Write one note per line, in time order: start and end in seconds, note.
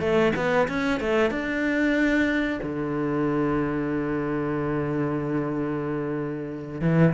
0.00 0.32 A3
0.36 0.68 B3
0.68 1.00 C#4
1.00 1.30 A3
1.30 2.60 D4
2.63 6.81 D3
6.81 7.13 E3